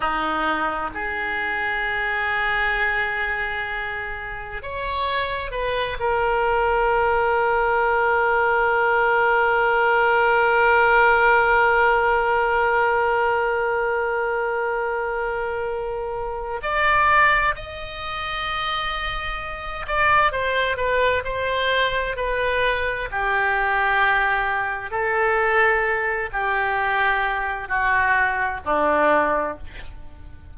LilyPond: \new Staff \with { instrumentName = "oboe" } { \time 4/4 \tempo 4 = 65 dis'4 gis'2.~ | gis'4 cis''4 b'8 ais'4.~ | ais'1~ | ais'1~ |
ais'2 d''4 dis''4~ | dis''4. d''8 c''8 b'8 c''4 | b'4 g'2 a'4~ | a'8 g'4. fis'4 d'4 | }